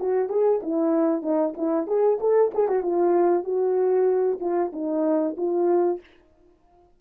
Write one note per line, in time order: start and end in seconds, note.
0.00 0.29 F#4
0.29 0.61 G#4
0.63 1.22 E4
1.22 1.54 D#4
1.57 1.87 E4
1.87 2.19 G#4
2.20 2.52 A4
2.54 2.68 G#4
2.68 2.83 F#4
2.83 3.44 F4
3.44 4.39 F#4
4.40 4.72 F4
4.73 5.36 D#4
5.37 6.00 F4